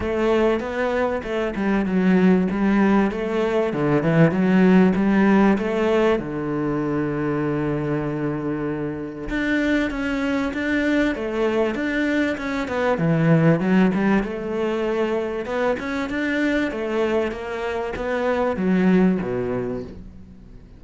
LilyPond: \new Staff \with { instrumentName = "cello" } { \time 4/4 \tempo 4 = 97 a4 b4 a8 g8 fis4 | g4 a4 d8 e8 fis4 | g4 a4 d2~ | d2. d'4 |
cis'4 d'4 a4 d'4 | cis'8 b8 e4 fis8 g8 a4~ | a4 b8 cis'8 d'4 a4 | ais4 b4 fis4 b,4 | }